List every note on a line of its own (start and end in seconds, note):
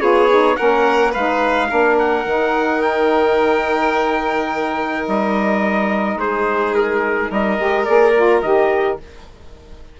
0.00 0.57 B3
0.00 0.28 F4
0.00 0.57 G#4
0.00 0.56 C#5
0.30 0.57 D#4
0.56 1.15 A#3
0.56 1.13 C#4
0.56 1.12 A#4
0.56 1.12 F#5
1.12 1.71 G#3
1.12 1.69 D#4
1.12 1.68 B4
1.12 1.98 F5
1.69 2.25 A#3
1.69 2.25 D4
1.69 6.18 A#4
1.99 2.82 F#5
2.25 5.06 D#3
2.25 7.58 D#4
2.82 5.06 G5
5.07 6.15 G3
5.07 6.20 D#5
6.15 7.28 G#3
6.15 7.30 G#4
6.15 6.74 C5
6.74 7.30 A#4
7.30 7.59 G3
7.30 8.99 A#4
7.30 7.85 D#5
7.58 7.87 G#3
7.58 7.85 G4
7.85 8.43 A#3
7.85 8.13 G#4
7.85 8.41 D5
8.16 8.43 F4
8.42 8.99 D#3
8.42 9.00 G4
8.42 8.98 D#5